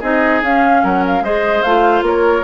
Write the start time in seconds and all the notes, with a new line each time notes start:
0.00 C4 D#4 G#4 D#5
0.42 C#4 F5
0.84 F#3 A#4 F#5
1.06 F5
1.21 G#3 G#4 C5 D#5
1.62 A3 F4 F5
2.02 A#3 A#4 C#5